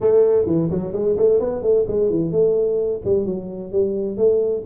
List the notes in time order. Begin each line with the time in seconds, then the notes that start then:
0.01 A3
0.46 E3
0.70 F#3
0.92 G#3
1.16 A3
1.40 B3
1.62 A3
1.87 G#3
2.10 E3
2.31 A3
3.04 G3
3.25 F#3
3.71 G3
4.17 A3